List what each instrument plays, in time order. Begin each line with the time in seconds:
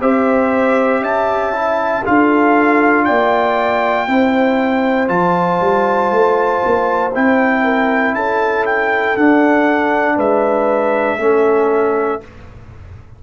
0.00 tuba C4, trombone G4, horn C5, trumpet E5
1.00 tuba C#4, horn E5, trumpet A5
1.52 trombone E4
2.04 tuba D4, trombone F4, horn A4, trumpet F5
3.04 tuba A#3, horn D5, trumpet G5
4.07 tuba C4, trombone E4, horn C5
5.07 tuba F3, trombone F4, trumpet A5
5.60 tuba G3
6.11 tuba A3
6.64 tuba A#3
7.13 tuba C4, trombone E4, trumpet G5
7.62 horn A#4
8.14 tuba C#4, horn A4, trumpet A5
8.65 trumpet G5
9.16 tuba D4, trombone D4, trumpet F#5
10.15 tuba G#3, horn B4, trumpet E5
11.17 tuba A3, trombone C#4, horn A4